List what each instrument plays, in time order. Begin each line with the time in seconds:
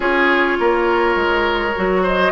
0.00 bassoon C#4, clarinet F4, oboe G#4, flute C#5
0.59 bassoon A#3, oboe A#4
1.15 bassoon G#3
1.75 bassoon F#3, clarinet F#4
2.03 oboe C5, flute D#5